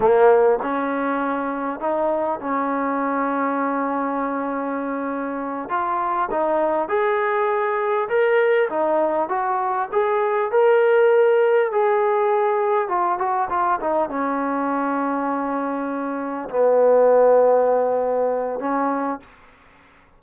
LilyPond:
\new Staff \with { instrumentName = "trombone" } { \time 4/4 \tempo 4 = 100 ais4 cis'2 dis'4 | cis'1~ | cis'4. f'4 dis'4 gis'8~ | gis'4. ais'4 dis'4 fis'8~ |
fis'8 gis'4 ais'2 gis'8~ | gis'4. f'8 fis'8 f'8 dis'8 cis'8~ | cis'2.~ cis'8 b8~ | b2. cis'4 | }